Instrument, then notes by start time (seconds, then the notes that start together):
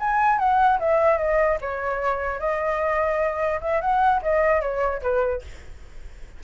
flute
0.00 G#5
0.39 F#5
0.79 E5
1.18 D#5
1.61 C#5
2.39 D#5
3.61 E5
3.81 F#5
4.22 D#5
4.61 C#5
5.02 B4